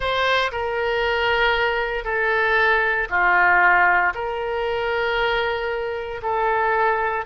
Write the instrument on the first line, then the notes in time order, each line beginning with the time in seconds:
oboe
0.00 C5
0.51 A#4
2.04 A4
3.09 F4
4.14 A#4
6.22 A4